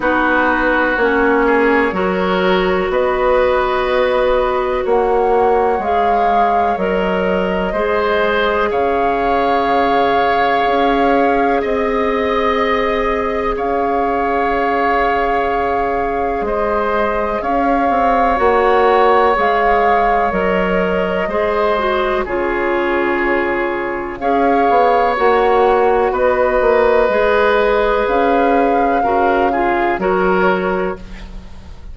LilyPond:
<<
  \new Staff \with { instrumentName = "flute" } { \time 4/4 \tempo 4 = 62 b'4 cis''2 dis''4~ | dis''4 fis''4 f''4 dis''4~ | dis''4 f''2. | dis''2 f''2~ |
f''4 dis''4 f''4 fis''4 | f''4 dis''2 cis''4~ | cis''4 f''4 fis''4 dis''4~ | dis''4 f''2 cis''4 | }
  \new Staff \with { instrumentName = "oboe" } { \time 4/4 fis'4. gis'8 ais'4 b'4~ | b'4 cis''2. | c''4 cis''2. | dis''2 cis''2~ |
cis''4 c''4 cis''2~ | cis''2 c''4 gis'4~ | gis'4 cis''2 b'4~ | b'2 ais'8 gis'8 ais'4 | }
  \new Staff \with { instrumentName = "clarinet" } { \time 4/4 dis'4 cis'4 fis'2~ | fis'2 gis'4 ais'4 | gis'1~ | gis'1~ |
gis'2. fis'4 | gis'4 ais'4 gis'8 fis'8 f'4~ | f'4 gis'4 fis'2 | gis'2 fis'8 f'8 fis'4 | }
  \new Staff \with { instrumentName = "bassoon" } { \time 4/4 b4 ais4 fis4 b4~ | b4 ais4 gis4 fis4 | gis4 cis2 cis'4 | c'2 cis'2~ |
cis'4 gis4 cis'8 c'8 ais4 | gis4 fis4 gis4 cis4~ | cis4 cis'8 b8 ais4 b8 ais8 | gis4 cis'4 cis4 fis4 | }
>>